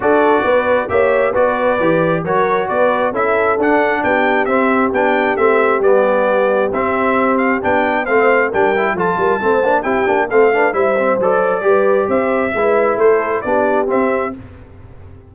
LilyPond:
<<
  \new Staff \with { instrumentName = "trumpet" } { \time 4/4 \tempo 4 = 134 d''2 e''4 d''4~ | d''4 cis''4 d''4 e''4 | fis''4 g''4 e''4 g''4 | e''4 d''2 e''4~ |
e''8 f''8 g''4 f''4 g''4 | a''2 g''4 f''4 | e''4 d''2 e''4~ | e''4 c''4 d''4 e''4 | }
  \new Staff \with { instrumentName = "horn" } { \time 4/4 a'4 b'4 cis''4 b'4~ | b'4 ais'4 b'4 a'4~ | a'4 g'2.~ | g'1~ |
g'2 c''4 ais'4 | a'8 ais'8 c''4 g'4 a'8 b'8 | c''2 b'4 c''4 | b'4 a'4 g'2 | }
  \new Staff \with { instrumentName = "trombone" } { \time 4/4 fis'2 g'4 fis'4 | g'4 fis'2 e'4 | d'2 c'4 d'4 | c'4 b2 c'4~ |
c'4 d'4 c'4 d'8 e'8 | f'4 c'8 d'8 e'8 d'8 c'8 d'8 | e'8 c'8 a'4 g'2 | e'2 d'4 c'4 | }
  \new Staff \with { instrumentName = "tuba" } { \time 4/4 d'4 b4 ais4 b4 | e4 fis4 b4 cis'4 | d'4 b4 c'4 b4 | a4 g2 c'4~ |
c'4 b4 a4 g4 | f8 g8 a8 ais8 c'8 ais8 a4 | g4 fis4 g4 c'4 | gis4 a4 b4 c'4 | }
>>